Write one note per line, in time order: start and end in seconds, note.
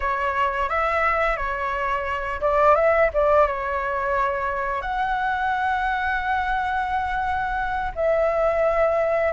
0.00 0.69 C#5
0.69 1.36 E5
1.36 2.40 C#5
2.40 2.75 D5
2.75 3.09 E5
3.13 3.47 D5
3.47 4.81 C#5
4.81 7.92 F#5
7.95 9.32 E5